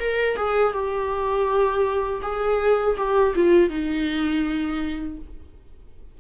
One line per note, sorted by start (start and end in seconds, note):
0.00 0.37 A#4
0.37 0.73 G#4
0.73 2.21 G4
2.22 2.96 G#4
2.97 3.34 G4
3.35 3.70 F4
3.70 5.18 D#4